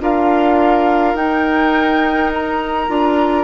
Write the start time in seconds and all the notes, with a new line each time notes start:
0.00 D4 F4 A#4 F5
1.14 D#4 G5
2.33 A#5
2.89 D4 F4